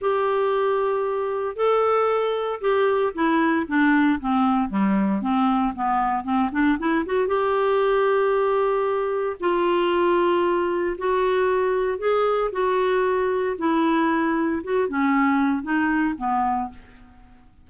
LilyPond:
\new Staff \with { instrumentName = "clarinet" } { \time 4/4 \tempo 4 = 115 g'2. a'4~ | a'4 g'4 e'4 d'4 | c'4 g4 c'4 b4 | c'8 d'8 e'8 fis'8 g'2~ |
g'2 f'2~ | f'4 fis'2 gis'4 | fis'2 e'2 | fis'8 cis'4. dis'4 b4 | }